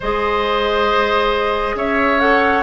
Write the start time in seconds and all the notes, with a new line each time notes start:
0.00 G#3 G#4 C5 D#5
1.74 C#4 C#5 E5
2.19 A4 F#5